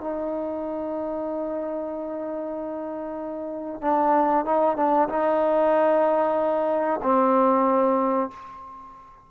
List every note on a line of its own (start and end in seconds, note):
0.00 3.81 D#4
3.81 4.45 D4
4.45 4.76 D#4
4.76 5.08 D4
5.09 7.00 D#4
7.02 8.30 C4